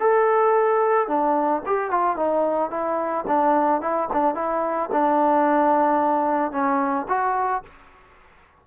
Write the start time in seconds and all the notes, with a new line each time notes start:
0.00 A4
1.07 D4
1.66 G4
1.91 F4
2.16 D#4
2.70 E4
3.27 D4
3.81 E4
4.12 D4
4.35 E4
4.92 D4
6.51 C#4
7.08 F#4